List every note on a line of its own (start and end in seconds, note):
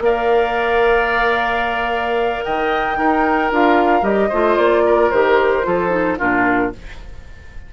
0.00 2.41 A#3
0.00 2.97 A#4
0.00 2.45 D5
0.00 2.44 F5
2.44 2.98 D#3
2.44 2.98 D#5
2.44 3.51 G5
2.97 3.50 D#4
2.97 3.51 D#4
2.97 4.29 A#4
3.51 4.02 D4
3.51 4.02 F4
3.51 4.04 F5
4.02 4.29 G3
4.02 4.29 G4
4.02 4.57 D#5
4.29 4.57 A3
4.29 5.12 F4
4.29 4.82 C5
4.57 5.11 A#3
4.57 5.10 D5
4.86 5.66 A#4
5.10 5.66 D#3
5.10 5.63 G4
5.10 6.18 C5
5.63 6.20 F3
5.63 5.90 F4
5.63 6.18 A4
5.90 6.16 D#4
6.18 6.73 A#2
6.18 6.72 D4
6.18 6.72 F4
6.18 6.73 A#4